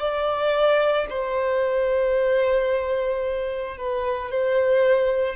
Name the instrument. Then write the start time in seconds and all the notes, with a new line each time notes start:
violin
0.00 D5
1.10 C5
3.77 B4
4.31 C5